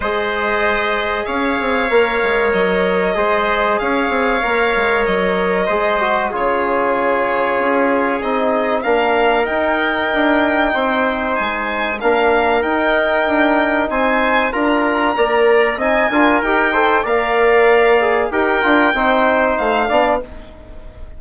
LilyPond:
<<
  \new Staff \with { instrumentName = "violin" } { \time 4/4 \tempo 4 = 95 dis''2 f''2 | dis''2 f''2 | dis''2 cis''2~ | cis''4 dis''4 f''4 g''4~ |
g''2 gis''4 f''4 | g''2 gis''4 ais''4~ | ais''4 gis''4 g''4 f''4~ | f''4 g''2 f''4 | }
  \new Staff \with { instrumentName = "trumpet" } { \time 4/4 c''2 cis''2~ | cis''4 c''4 cis''2~ | cis''4 c''4 gis'2~ | gis'2 ais'2~ |
ais'4 c''2 ais'4~ | ais'2 c''4 ais'4 | d''4 dis''8 ais'4 c''8 d''4~ | d''4 ais'4 c''4. d''8 | }
  \new Staff \with { instrumentName = "trombone" } { \time 4/4 gis'2. ais'4~ | ais'4 gis'2 ais'4~ | ais'4 gis'8 fis'8 f'2~ | f'4 dis'4 d'4 dis'4~ |
dis'2. d'4 | dis'2. f'4 | ais'4 dis'8 f'8 g'8 a'8 ais'4~ | ais'8 gis'8 g'8 f'8 dis'4. d'8 | }
  \new Staff \with { instrumentName = "bassoon" } { \time 4/4 gis2 cis'8 c'8 ais8 gis8 | fis4 gis4 cis'8 c'8 ais8 gis8 | fis4 gis4 cis2 | cis'4 c'4 ais4 dis'4 |
d'4 c'4 gis4 ais4 | dis'4 d'4 c'4 d'4 | ais4 c'8 d'8 dis'4 ais4~ | ais4 dis'8 d'8 c'4 a8 b8 | }
>>